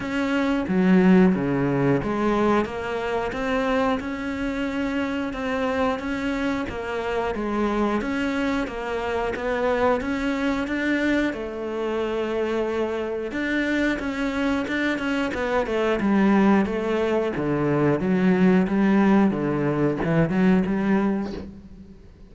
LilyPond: \new Staff \with { instrumentName = "cello" } { \time 4/4 \tempo 4 = 90 cis'4 fis4 cis4 gis4 | ais4 c'4 cis'2 | c'4 cis'4 ais4 gis4 | cis'4 ais4 b4 cis'4 |
d'4 a2. | d'4 cis'4 d'8 cis'8 b8 a8 | g4 a4 d4 fis4 | g4 d4 e8 fis8 g4 | }